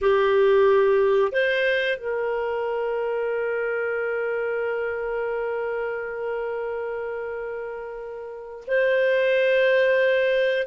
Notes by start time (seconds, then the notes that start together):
0.01 G4
1.32 C5
1.97 A#4
8.67 C5